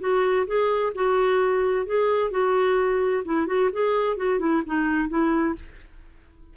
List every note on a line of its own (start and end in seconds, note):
0.00 0.46 F#4
0.47 0.93 G#4
0.94 1.86 F#4
1.86 2.31 G#4
2.31 3.23 F#4
3.24 3.47 E4
3.47 3.70 F#4
3.72 4.17 G#4
4.17 4.39 F#4
4.39 4.62 E4
4.66 5.09 D#4
5.09 5.55 E4